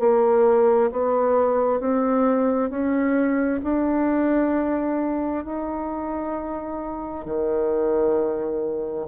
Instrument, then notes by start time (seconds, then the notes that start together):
bassoon
0.00 A#3
0.92 B3
1.81 C4
2.70 C#4
3.64 D4
5.45 D#4
7.25 D#3